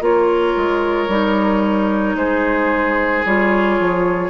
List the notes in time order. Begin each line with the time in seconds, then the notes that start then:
0.00 A#3 F4 A#4 C#5
0.56 G#3
1.08 G3 D#4
2.15 G#3 G#4 C5
3.25 G3 F4 C#5
3.79 F3